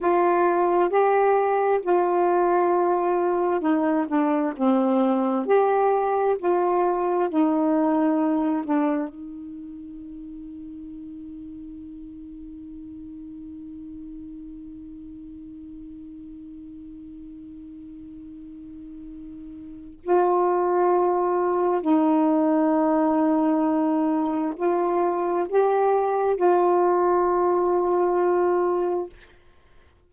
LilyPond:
\new Staff \with { instrumentName = "saxophone" } { \time 4/4 \tempo 4 = 66 f'4 g'4 f'2 | dis'8 d'8 c'4 g'4 f'4 | dis'4. d'8 dis'2~ | dis'1~ |
dis'1~ | dis'2 f'2 | dis'2. f'4 | g'4 f'2. | }